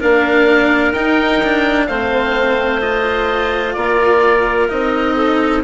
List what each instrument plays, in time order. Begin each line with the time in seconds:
0.00 bassoon A#3, cello D4, clarinet A#4, oboe F5
0.92 bassoon D#4, cello D#4, oboe G5
1.43 cello D4
1.87 bassoon A3, cello C4, clarinet C5, oboe F5
2.81 cello F4, oboe D#5
3.74 bassoon A#3, clarinet A#4, oboe D5
4.69 bassoon C4, cello D#4, oboe D#5
5.15 clarinet A4